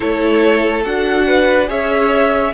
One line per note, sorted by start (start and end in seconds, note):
0.00 0.85 A3
0.00 0.84 E4
0.00 1.25 A4
0.00 0.83 C#5
0.84 1.69 D4
0.84 1.66 F#4
0.84 1.68 F#5
1.26 1.69 B4
1.66 2.53 C#4
1.66 2.51 G#4
1.66 2.53 C#5
1.66 2.53 E5